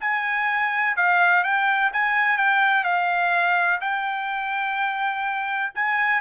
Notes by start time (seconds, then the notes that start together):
0.00 G#5
0.96 F5
1.43 G5
1.92 G#5
2.37 G5
2.84 F5
3.81 G5
5.74 G#5